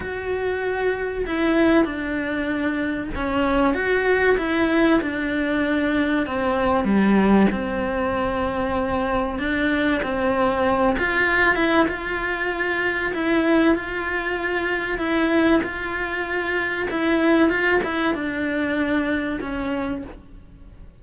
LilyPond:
\new Staff \with { instrumentName = "cello" } { \time 4/4 \tempo 4 = 96 fis'2 e'4 d'4~ | d'4 cis'4 fis'4 e'4 | d'2 c'4 g4 | c'2. d'4 |
c'4. f'4 e'8 f'4~ | f'4 e'4 f'2 | e'4 f'2 e'4 | f'8 e'8 d'2 cis'4 | }